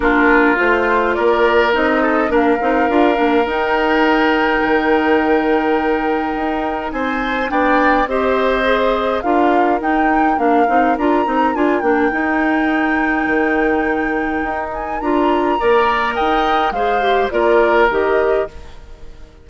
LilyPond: <<
  \new Staff \with { instrumentName = "flute" } { \time 4/4 \tempo 4 = 104 ais'4 c''4 d''4 dis''4 | f''2 g''2~ | g''1 | gis''4 g''4 dis''2 |
f''4 g''4 f''4 ais''4 | gis''8 g''2.~ g''8~ | g''4. gis''8 ais''2 | g''4 f''4 d''4 dis''4 | }
  \new Staff \with { instrumentName = "oboe" } { \time 4/4 f'2 ais'4. a'8 | ais'1~ | ais'1 | c''4 d''4 c''2 |
ais'1~ | ais'1~ | ais'2. d''4 | dis''4 c''4 ais'2 | }
  \new Staff \with { instrumentName = "clarinet" } { \time 4/4 d'4 f'2 dis'4 | d'8 dis'8 f'8 d'8 dis'2~ | dis'1~ | dis'4 d'4 g'4 gis'4 |
f'4 dis'4 d'8 dis'8 f'8 dis'8 | f'8 d'8 dis'2.~ | dis'2 f'4 ais'4~ | ais'4 gis'8 g'8 f'4 g'4 | }
  \new Staff \with { instrumentName = "bassoon" } { \time 4/4 ais4 a4 ais4 c'4 | ais8 c'8 d'8 ais8 dis'2 | dis2. dis'4 | c'4 b4 c'2 |
d'4 dis'4 ais8 c'8 d'8 c'8 | d'8 ais8 dis'2 dis4~ | dis4 dis'4 d'4 ais4 | dis'4 gis4 ais4 dis4 | }
>>